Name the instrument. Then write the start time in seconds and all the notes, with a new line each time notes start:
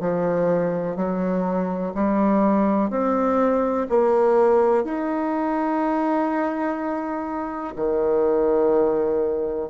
bassoon
0.00 F3
0.96 F#3
1.94 G3
2.90 C4
3.89 A#3
4.84 D#4
7.75 D#3